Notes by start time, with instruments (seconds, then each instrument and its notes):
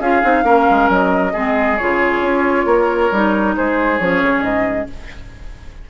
0.00 bassoon C#4, clarinet F4, oboe G#4, flute F5
0.23 bassoon C4, clarinet D#4
0.44 bassoon A#3, clarinet C#4, oboe A#4
0.71 bassoon G#3
0.89 bassoon F#3, flute D#5
1.33 bassoon G#3, clarinet C4, oboe G#4
1.78 bassoon C#3, clarinet F4, flute C#5
2.22 bassoon C#4
2.66 bassoon A#3, oboe A#4
3.12 bassoon G3, clarinet D#4
3.57 bassoon G#3, oboe G#4, flute C5
3.99 bassoon F3, clarinet C#4, flute C#5
4.22 bassoon C#3
4.42 bassoon G#2, flute D#5